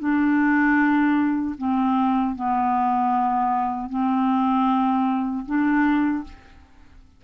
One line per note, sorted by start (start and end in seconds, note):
0.00 1.56 D4
1.58 2.36 C4
2.36 3.90 B3
3.90 5.46 C4
5.47 6.24 D4